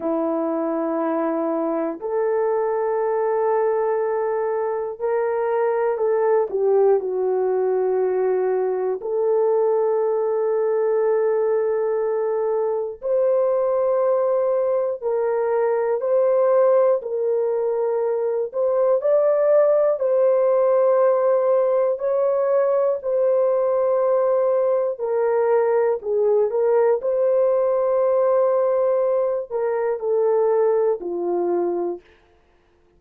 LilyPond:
\new Staff \with { instrumentName = "horn" } { \time 4/4 \tempo 4 = 60 e'2 a'2~ | a'4 ais'4 a'8 g'8 fis'4~ | fis'4 a'2.~ | a'4 c''2 ais'4 |
c''4 ais'4. c''8 d''4 | c''2 cis''4 c''4~ | c''4 ais'4 gis'8 ais'8 c''4~ | c''4. ais'8 a'4 f'4 | }